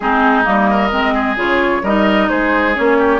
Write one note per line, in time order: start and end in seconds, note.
0.00 0.46 G#3
0.00 0.44 C4
0.00 0.70 D#4
0.00 0.44 G#4
0.44 0.92 G3
0.44 0.89 A#3
0.44 1.37 D#5
0.70 1.13 A#4
0.91 1.36 G#3
0.91 1.36 C4
1.13 1.82 G#4
1.36 1.82 C#3
1.36 1.82 F4
1.36 1.84 C#5
1.82 2.28 G3
1.82 2.75 D#4
1.82 2.29 A#4
1.82 2.28 D#5
2.28 2.77 G#3
2.28 2.97 G#4
2.28 2.74 C5
2.75 3.20 A#3
2.75 3.20 C#4
2.75 3.20 C#5
2.98 3.20 G4